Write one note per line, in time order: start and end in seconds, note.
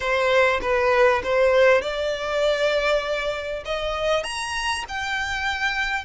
0.00 0.60 C5
0.61 1.22 B4
1.23 1.81 C5
1.81 3.63 D5
3.65 4.23 D#5
4.23 4.84 A#5
4.88 6.04 G5